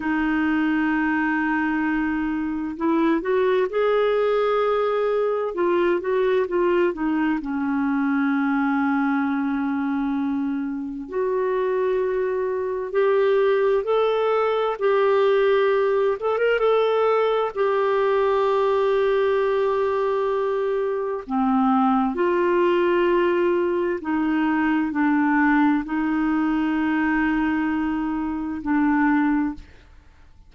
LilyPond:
\new Staff \with { instrumentName = "clarinet" } { \time 4/4 \tempo 4 = 65 dis'2. e'8 fis'8 | gis'2 f'8 fis'8 f'8 dis'8 | cis'1 | fis'2 g'4 a'4 |
g'4. a'16 ais'16 a'4 g'4~ | g'2. c'4 | f'2 dis'4 d'4 | dis'2. d'4 | }